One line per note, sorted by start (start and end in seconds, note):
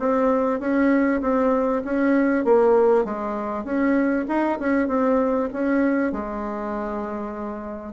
0.00 0.60 C4
0.60 1.22 C#4
1.22 1.83 C4
1.85 2.45 C#4
2.45 3.05 A#3
3.05 3.65 G#3
3.65 4.26 C#4
4.29 4.59 D#4
4.60 4.88 C#4
4.88 5.50 C4
5.54 6.13 C#4
6.13 7.93 G#3